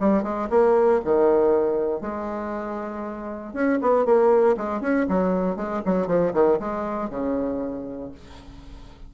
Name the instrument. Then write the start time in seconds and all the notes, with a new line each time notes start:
bassoon
0.00 G3
0.23 G#3
0.50 A#3
1.05 D#3
2.01 G#3
3.54 C#4
3.82 B3
4.06 A#3
4.57 G#3
4.81 C#4
5.09 F#3
5.57 G#3
5.86 F#3
6.07 F3
6.34 D#3
6.60 G#3
7.10 C#3